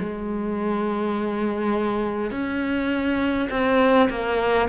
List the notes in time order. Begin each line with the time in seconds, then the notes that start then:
0.00 G#3
2.32 C#4
3.51 C4
4.10 A#3